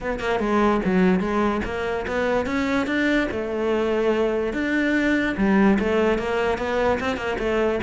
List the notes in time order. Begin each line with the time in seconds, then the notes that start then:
0.00 B3
0.19 A#3
0.39 G#3
0.84 F#3
1.20 G#3
1.64 A#3
2.07 B3
2.46 C#4
2.86 D4
3.31 A3
4.53 D4
5.37 G3
5.79 A3
6.18 A#3
6.58 B3
7.00 C4
7.16 A#3
7.38 A3